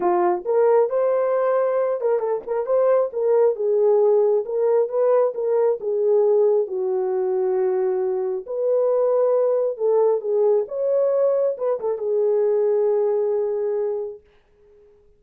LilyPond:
\new Staff \with { instrumentName = "horn" } { \time 4/4 \tempo 4 = 135 f'4 ais'4 c''2~ | c''8 ais'8 a'8 ais'8 c''4 ais'4 | gis'2 ais'4 b'4 | ais'4 gis'2 fis'4~ |
fis'2. b'4~ | b'2 a'4 gis'4 | cis''2 b'8 a'8 gis'4~ | gis'1 | }